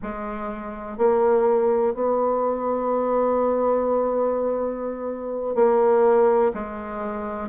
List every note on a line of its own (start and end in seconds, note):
0.02 0.97 G#3
0.97 1.94 A#3
1.94 5.55 B3
5.55 6.51 A#3
6.54 7.48 G#3